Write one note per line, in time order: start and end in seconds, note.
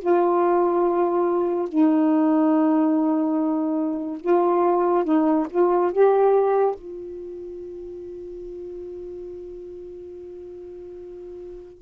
0.00 1.69 F4
1.69 4.21 D#4
4.21 5.05 F4
5.05 5.47 D#4
5.50 5.92 F4
5.92 6.75 G4
6.75 11.82 F4